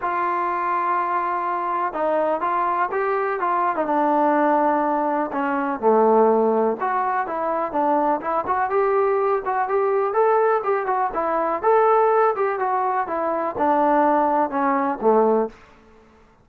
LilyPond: \new Staff \with { instrumentName = "trombone" } { \time 4/4 \tempo 4 = 124 f'1 | dis'4 f'4 g'4 f'8. dis'16 | d'2. cis'4 | a2 fis'4 e'4 |
d'4 e'8 fis'8 g'4. fis'8 | g'4 a'4 g'8 fis'8 e'4 | a'4. g'8 fis'4 e'4 | d'2 cis'4 a4 | }